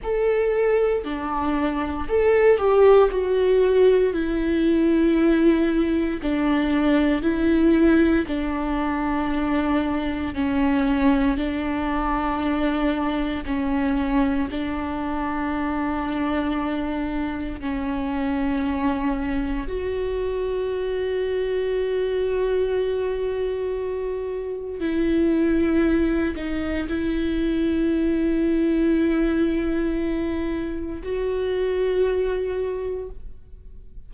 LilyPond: \new Staff \with { instrumentName = "viola" } { \time 4/4 \tempo 4 = 58 a'4 d'4 a'8 g'8 fis'4 | e'2 d'4 e'4 | d'2 cis'4 d'4~ | d'4 cis'4 d'2~ |
d'4 cis'2 fis'4~ | fis'1 | e'4. dis'8 e'2~ | e'2 fis'2 | }